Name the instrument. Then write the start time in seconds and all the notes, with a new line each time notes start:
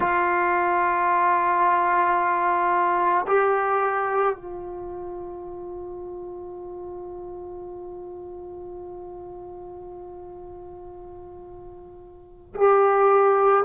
trombone
0.00 F4
3.27 G4
4.35 F4
12.55 G4